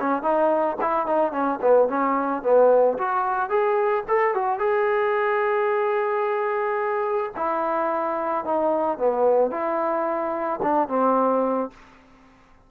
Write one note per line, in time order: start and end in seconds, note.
0.00 0.23 C#4
0.23 0.77 D#4
0.81 1.06 E4
1.06 1.32 D#4
1.32 1.59 C#4
1.62 1.88 B3
1.88 2.43 C#4
2.43 2.98 B3
2.98 3.50 F#4
3.50 4.04 G#4
4.08 4.35 A4
4.35 4.60 F#4
4.60 7.32 G#4
7.37 8.45 E4
8.45 8.98 D#4
8.98 9.51 B3
9.51 10.60 E4
10.62 10.89 D4
10.89 11.70 C4